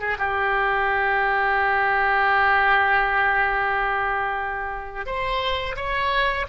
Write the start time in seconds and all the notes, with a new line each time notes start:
0.00 G#4
0.19 G4
5.06 C5
5.76 C#5